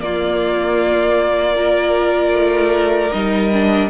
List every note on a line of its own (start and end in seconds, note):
0.00 1.55 A#3
0.00 2.32 A#3
0.00 1.56 F4
0.00 3.12 D5
1.55 3.11 F4
1.55 3.90 A#4
2.32 3.10 A3
3.12 3.90 G3
3.12 3.51 D#4
3.12 3.90 D#5
3.53 3.90 D4